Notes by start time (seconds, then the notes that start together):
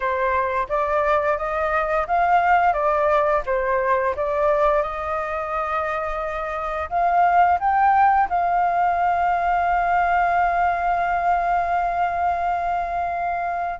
0.00 C5
0.69 D5
1.37 D#5
2.07 F5
2.73 D5
3.46 C5
4.16 D5
4.82 D#5
6.89 F5
7.59 G5
8.29 F5